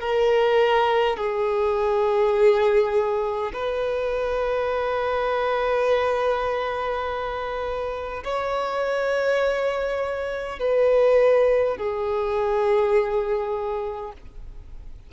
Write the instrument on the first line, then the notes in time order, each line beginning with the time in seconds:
violin
0.00 A#4
1.17 G#4
3.52 B4
8.24 C#5
10.59 B4
11.76 G#4